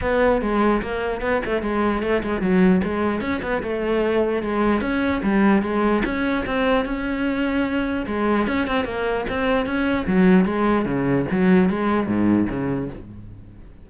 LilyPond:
\new Staff \with { instrumentName = "cello" } { \time 4/4 \tempo 4 = 149 b4 gis4 ais4 b8 a8 | gis4 a8 gis8 fis4 gis4 | cis'8 b8 a2 gis4 | cis'4 g4 gis4 cis'4 |
c'4 cis'2. | gis4 cis'8 c'8 ais4 c'4 | cis'4 fis4 gis4 cis4 | fis4 gis4 gis,4 cis4 | }